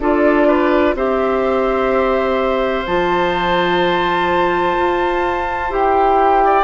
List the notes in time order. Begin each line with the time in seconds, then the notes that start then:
0.00 D4 F4 A4 D5
0.47 B4
0.95 C4 G4 C5 E5
2.87 F3 F4 A5
4.78 F4
5.70 E4 G4 G5
6.45 D5